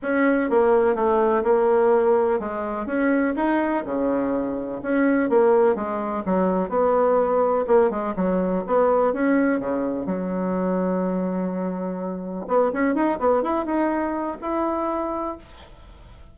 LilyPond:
\new Staff \with { instrumentName = "bassoon" } { \time 4/4 \tempo 4 = 125 cis'4 ais4 a4 ais4~ | ais4 gis4 cis'4 dis'4 | cis2 cis'4 ais4 | gis4 fis4 b2 |
ais8 gis8 fis4 b4 cis'4 | cis4 fis2.~ | fis2 b8 cis'8 dis'8 b8 | e'8 dis'4. e'2 | }